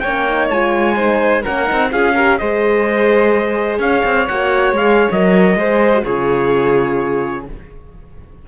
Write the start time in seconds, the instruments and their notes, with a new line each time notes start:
0.00 cello A#3, violin C#5, trumpet G5
0.06 horn C#4
0.29 horn D#4
0.50 cello G#3, horn F4, trumpet G#5
0.96 horn D#4, violin C5
1.43 cello A#3, horn C#4, violin A#4, trumpet F#5
1.65 horn D#4
1.72 cello C4
1.91 cello C#4, horn F4, violin G#4, trumpet F5
2.15 horn G4, violin A#4
2.38 cello G#3, horn G#4, violin C5, trumpet D#5
3.79 cello C#4, violin C#5, trumpet F5
4.05 cello C4
4.27 cello A#3, horn F#4, trumpet F#5
4.72 cello G#3, horn G#4, trumpet F5
5.12 cello F#3, horn A#4, trumpet D#5
5.56 cello G#3, horn G#4, violin C5
5.95 horn F#4
6.04 cello C#3, horn F4, violin G#4, trumpet C#5